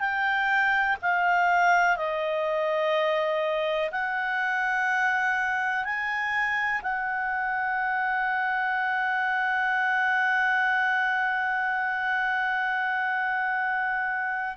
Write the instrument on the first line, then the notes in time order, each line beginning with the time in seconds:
clarinet
0.00 G5
1.02 F5
1.97 D#5
3.92 F#5
5.85 G#5
6.83 F#5